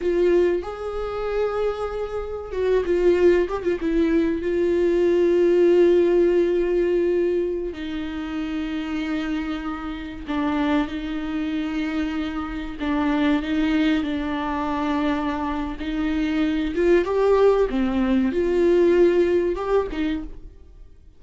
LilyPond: \new Staff \with { instrumentName = "viola" } { \time 4/4 \tempo 4 = 95 f'4 gis'2. | fis'8 f'4 g'16 f'16 e'4 f'4~ | f'1~ | f'16 dis'2.~ dis'8.~ |
dis'16 d'4 dis'2~ dis'8.~ | dis'16 d'4 dis'4 d'4.~ d'16~ | d'4 dis'4. f'8 g'4 | c'4 f'2 g'8 dis'8 | }